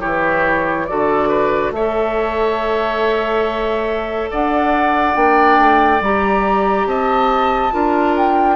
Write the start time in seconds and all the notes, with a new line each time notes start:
0.00 E3 E4 G4 C#5
0.86 D3 F#4 A4 D5
1.29 B4
1.71 A3 A4 C#5 E5
4.30 D4 D5 F#5
5.14 A#3 D4 G5
5.58 A3
6.01 G3 G4 A#5
6.86 C4 D#5 A5
7.72 D4 F4 A#4
8.17 G5